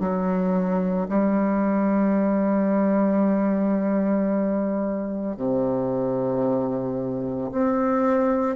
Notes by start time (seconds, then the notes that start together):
0.00 F#3
1.09 G3
5.36 C3
7.51 C4